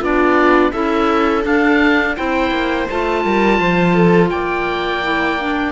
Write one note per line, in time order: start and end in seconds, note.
0.00 0.72 B3
0.00 0.73 D4
0.00 0.71 F4
0.00 0.72 D5
0.72 1.45 C#4
0.72 1.42 E4
0.72 2.16 A4
0.72 1.43 E5
1.42 2.14 D4
1.42 2.17 D4
1.42 2.16 F5
2.16 2.51 C4
2.16 2.87 E4
2.16 3.24 C5
2.16 2.88 G5
2.51 2.86 A#3
2.89 3.25 A3
2.89 5.03 F4
2.89 4.30 A5
3.25 3.60 G3
3.25 3.60 A#4
3.60 4.31 F3
3.60 3.94 C5
3.94 4.30 A4
4.30 5.72 A#3
4.30 5.72 D5
4.30 5.72 G5
5.03 5.38 E4
5.39 5.72 D4